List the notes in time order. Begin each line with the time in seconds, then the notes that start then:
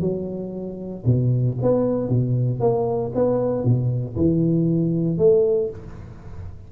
0.00 F#3
1.06 B2
1.62 B3
2.08 B2
2.60 A#3
3.15 B3
3.63 B2
4.16 E3
5.18 A3